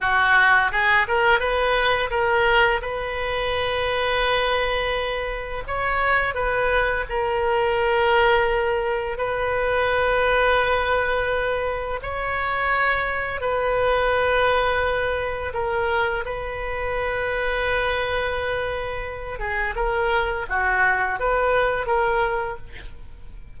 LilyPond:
\new Staff \with { instrumentName = "oboe" } { \time 4/4 \tempo 4 = 85 fis'4 gis'8 ais'8 b'4 ais'4 | b'1 | cis''4 b'4 ais'2~ | ais'4 b'2.~ |
b'4 cis''2 b'4~ | b'2 ais'4 b'4~ | b'2.~ b'8 gis'8 | ais'4 fis'4 b'4 ais'4 | }